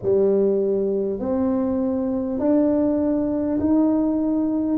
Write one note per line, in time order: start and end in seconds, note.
0.02 1.19 G3
1.19 2.39 C4
2.39 3.59 D4
3.60 4.78 D#4